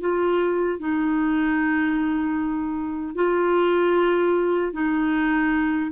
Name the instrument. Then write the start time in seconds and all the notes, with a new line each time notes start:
clarinet
0.00 F4
0.79 D#4
3.15 F4
4.73 D#4